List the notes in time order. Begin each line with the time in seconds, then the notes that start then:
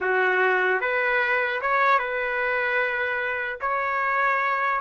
0.00 F#4
0.80 B4
1.61 C#5
1.98 B4
3.61 C#5